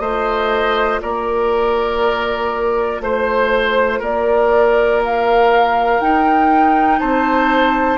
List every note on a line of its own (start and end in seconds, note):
0.00 1.00 A3
0.00 6.01 F4
0.00 1.01 C5
0.00 1.00 D#5
1.02 3.01 A#3
1.02 3.02 A#4
1.02 3.02 D5
3.01 4.01 A3
3.01 4.03 C5
3.01 4.00 C5
4.00 6.01 A#3
4.00 7.00 A#4
4.00 5.03 D5
5.05 6.01 F5
6.01 7.01 D#4
6.01 7.99 D#4
6.01 7.00 G5
7.00 7.99 C4
7.00 7.99 C5
7.00 7.99 A5